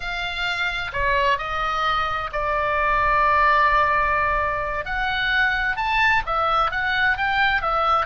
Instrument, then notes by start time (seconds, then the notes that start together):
oboe
0.00 F5
0.93 C#5
1.38 D#5
2.32 D5
4.85 F#5
5.76 A5
6.26 E5
6.71 F#5
7.17 G5
7.61 E5